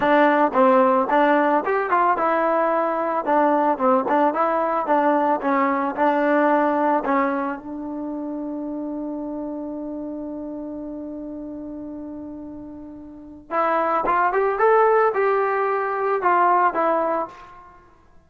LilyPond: \new Staff \with { instrumentName = "trombone" } { \time 4/4 \tempo 4 = 111 d'4 c'4 d'4 g'8 f'8 | e'2 d'4 c'8 d'8 | e'4 d'4 cis'4 d'4~ | d'4 cis'4 d'2~ |
d'1~ | d'1~ | d'4 e'4 f'8 g'8 a'4 | g'2 f'4 e'4 | }